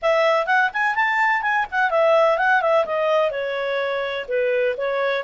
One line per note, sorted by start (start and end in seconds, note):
0.02 0.46 E5
0.46 0.70 F#5
0.73 0.95 G#5
0.95 1.42 A5
1.42 1.65 G#5
1.71 1.90 F#5
1.90 2.38 E5
2.38 2.61 F#5
2.61 2.85 E5
2.85 3.30 D#5
3.30 4.26 C#5
4.28 4.75 B4
4.77 5.23 C#5